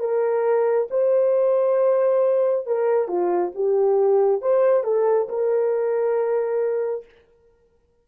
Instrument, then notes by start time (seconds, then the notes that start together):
horn
0.00 A#4
0.91 C5
2.67 A#4
3.08 F4
3.55 G4
4.42 C5
4.84 A4
5.29 A#4